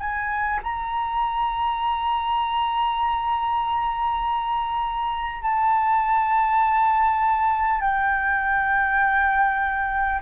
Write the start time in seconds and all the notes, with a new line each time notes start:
0.00 G#5
0.63 A#5
5.42 A5
7.81 G5